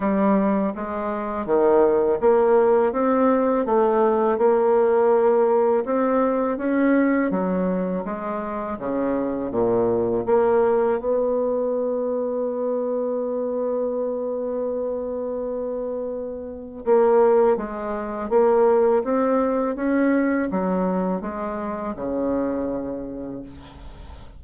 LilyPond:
\new Staff \with { instrumentName = "bassoon" } { \time 4/4 \tempo 4 = 82 g4 gis4 dis4 ais4 | c'4 a4 ais2 | c'4 cis'4 fis4 gis4 | cis4 ais,4 ais4 b4~ |
b1~ | b2. ais4 | gis4 ais4 c'4 cis'4 | fis4 gis4 cis2 | }